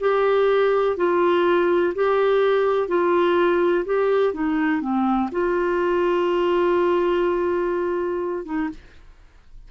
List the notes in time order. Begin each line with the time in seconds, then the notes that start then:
0.00 G4
0.97 F4
1.95 G4
2.88 F4
3.85 G4
4.34 D#4
4.81 C4
5.31 F4
8.45 D#4